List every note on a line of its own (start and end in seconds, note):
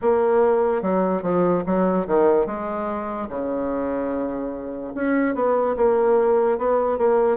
0.01 0.81 A#3
0.81 1.22 F#3
1.22 1.63 F3
1.66 2.07 F#3
2.07 2.46 D#3
2.46 3.28 G#3
3.29 4.93 C#3
4.94 5.34 C#4
5.34 5.75 B3
5.76 6.58 A#3
6.58 6.98 B3
6.98 7.37 A#3